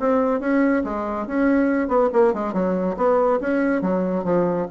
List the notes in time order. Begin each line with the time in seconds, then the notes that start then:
0.00 C4
0.40 C#4
0.84 G#3
1.27 C#4
1.88 B3
2.13 A#3
2.34 G#3
2.53 F#3
2.97 B3
3.41 C#4
3.82 F#3
4.24 F3